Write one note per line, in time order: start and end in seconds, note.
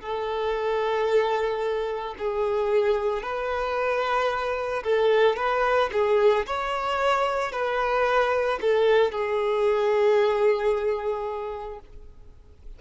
0.00 2.14 A4
2.18 3.22 G#4
3.22 4.83 B4
4.83 5.36 A4
5.36 5.90 B4
5.92 6.46 G#4
6.46 7.52 C#5
7.52 8.59 B4
8.61 9.11 A4
9.11 11.79 G#4